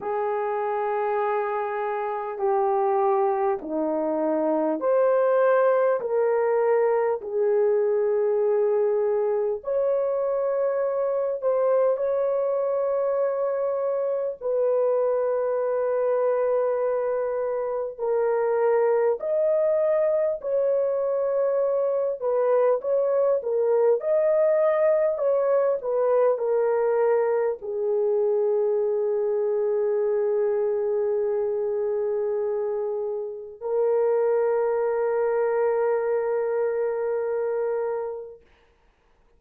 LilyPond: \new Staff \with { instrumentName = "horn" } { \time 4/4 \tempo 4 = 50 gis'2 g'4 dis'4 | c''4 ais'4 gis'2 | cis''4. c''8 cis''2 | b'2. ais'4 |
dis''4 cis''4. b'8 cis''8 ais'8 | dis''4 cis''8 b'8 ais'4 gis'4~ | gis'1 | ais'1 | }